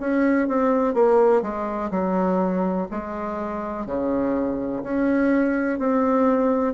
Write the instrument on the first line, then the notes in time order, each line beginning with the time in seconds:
bassoon
0.00 C#4
0.48 C4
0.94 A#3
1.42 G#3
1.91 F#3
2.91 G#3
3.86 C#3
4.83 C#4
5.78 C4